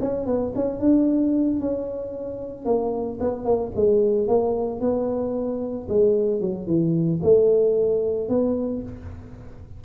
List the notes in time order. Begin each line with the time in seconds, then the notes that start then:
0.00 C#4
0.26 B3
0.55 C#4
0.79 D4
1.60 C#4
2.65 A#3
3.20 B3
3.45 A#3
3.75 G#3
4.28 A#3
4.80 B3
5.89 G#3
6.41 F#3
6.67 E3
7.23 A3
8.29 B3